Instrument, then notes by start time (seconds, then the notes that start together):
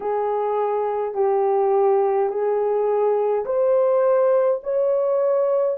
horn
0.00 G#4
1.14 G4
2.29 G#4
3.45 C5
4.63 C#5